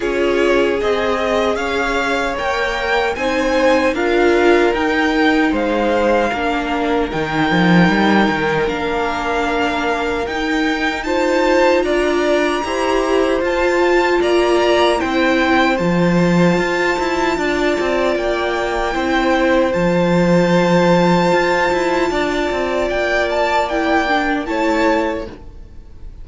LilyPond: <<
  \new Staff \with { instrumentName = "violin" } { \time 4/4 \tempo 4 = 76 cis''4 dis''4 f''4 g''4 | gis''4 f''4 g''4 f''4~ | f''4 g''2 f''4~ | f''4 g''4 a''4 ais''4~ |
ais''4 a''4 ais''4 g''4 | a''2. g''4~ | g''4 a''2.~ | a''4 g''8 a''8 g''4 a''4 | }
  \new Staff \with { instrumentName = "violin" } { \time 4/4 gis'2 cis''2 | c''4 ais'2 c''4 | ais'1~ | ais'2 c''4 d''4 |
c''2 d''4 c''4~ | c''2 d''2 | c''1 | d''2. cis''4 | }
  \new Staff \with { instrumentName = "viola" } { \time 4/4 f'4 gis'2 ais'4 | dis'4 f'4 dis'2 | d'4 dis'2 d'4~ | d'4 dis'4 f'2 |
g'4 f'2 e'4 | f'1 | e'4 f'2.~ | f'2 e'8 d'8 e'4 | }
  \new Staff \with { instrumentName = "cello" } { \time 4/4 cis'4 c'4 cis'4 ais4 | c'4 d'4 dis'4 gis4 | ais4 dis8 f8 g8 dis8 ais4~ | ais4 dis'2 d'4 |
e'4 f'4 ais4 c'4 | f4 f'8 e'8 d'8 c'8 ais4 | c'4 f2 f'8 e'8 | d'8 c'8 ais2 a4 | }
>>